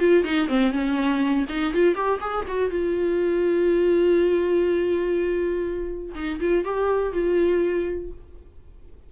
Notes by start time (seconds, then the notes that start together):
0.00 F4
0.25 D#4
0.48 C4
0.72 C#4
1.49 D#4
1.74 F4
1.96 G4
2.21 G#4
2.48 F#4
2.71 F4
6.16 D#4
6.41 F4
6.65 G4
7.13 F4